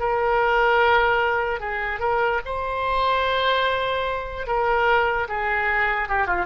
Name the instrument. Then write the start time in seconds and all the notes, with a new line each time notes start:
oboe
0.00 A#4
1.60 G#4
2.00 A#4
2.45 C5
4.47 A#4
5.29 G#4
6.09 G4
6.27 F4